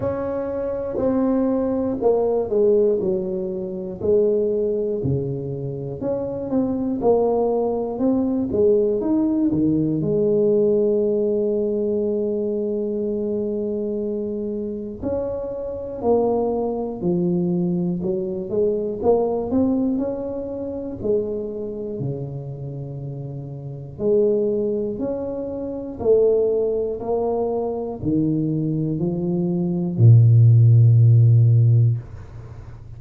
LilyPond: \new Staff \with { instrumentName = "tuba" } { \time 4/4 \tempo 4 = 60 cis'4 c'4 ais8 gis8 fis4 | gis4 cis4 cis'8 c'8 ais4 | c'8 gis8 dis'8 dis8 gis2~ | gis2. cis'4 |
ais4 f4 fis8 gis8 ais8 c'8 | cis'4 gis4 cis2 | gis4 cis'4 a4 ais4 | dis4 f4 ais,2 | }